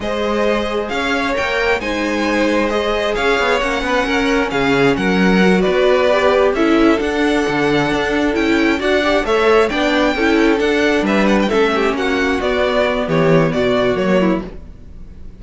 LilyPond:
<<
  \new Staff \with { instrumentName = "violin" } { \time 4/4 \tempo 4 = 133 dis''2 f''4 g''4 | gis''2 dis''4 f''4 | fis''2 f''4 fis''4~ | fis''8 d''2 e''4 fis''8~ |
fis''2~ fis''8 g''4 fis''8~ | fis''8 e''4 g''2 fis''8~ | fis''8 e''8 fis''16 g''16 e''4 fis''4 d''8~ | d''4 cis''4 d''4 cis''4 | }
  \new Staff \with { instrumentName = "violin" } { \time 4/4 c''2 cis''2 | c''2. cis''4~ | cis''8 b'8 ais'4 gis'4 ais'4~ | ais'8 b'2 a'4.~ |
a'2.~ a'8 d''8~ | d''8 cis''4 d''4 a'4.~ | a'8 b'4 a'8 g'8 fis'4.~ | fis'4 g'4 fis'4. e'8 | }
  \new Staff \with { instrumentName = "viola" } { \time 4/4 gis'2. ais'4 | dis'2 gis'2 | cis'1 | fis'4. g'4 e'4 d'8~ |
d'2~ d'8 e'4 fis'8 | g'8 a'4 d'4 e'4 d'8~ | d'4. cis'2 b8~ | b2. ais4 | }
  \new Staff \with { instrumentName = "cello" } { \time 4/4 gis2 cis'4 ais4 | gis2. cis'8 b8 | ais8 b8 cis'4 cis4 fis4~ | fis8 b2 cis'4 d'8~ |
d'8 d4 d'4 cis'4 d'8~ | d'8 a4 b4 cis'4 d'8~ | d'8 g4 a4 ais4 b8~ | b4 e4 b,4 fis4 | }
>>